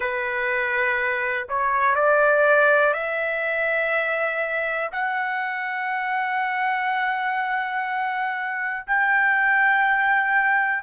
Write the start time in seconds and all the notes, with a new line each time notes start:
0.00 B4
1.48 C#5
1.94 D5
2.93 E5
4.92 F#5
8.87 G5